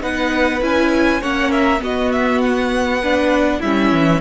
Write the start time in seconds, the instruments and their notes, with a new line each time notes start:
0.00 cello B3, viola D#4, violin B4 F#5
0.61 cello C#4, viola E4, violin G#5
1.21 cello A#3, viola C#4, violin C#5 F#5
1.51 violin A#4 E5
1.79 viola B3, cello B3, violin F#4 D#5
2.12 violin E5
2.41 violin F#5
3.01 viola D4, violin B4
3.59 cello G3, viola C#4, violin E4 E5
3.91 cello E3